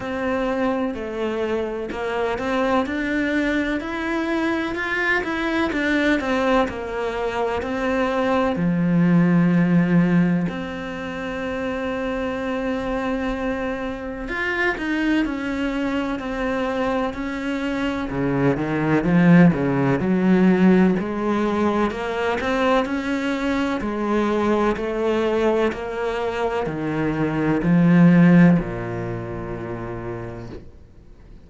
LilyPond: \new Staff \with { instrumentName = "cello" } { \time 4/4 \tempo 4 = 63 c'4 a4 ais8 c'8 d'4 | e'4 f'8 e'8 d'8 c'8 ais4 | c'4 f2 c'4~ | c'2. f'8 dis'8 |
cis'4 c'4 cis'4 cis8 dis8 | f8 cis8 fis4 gis4 ais8 c'8 | cis'4 gis4 a4 ais4 | dis4 f4 ais,2 | }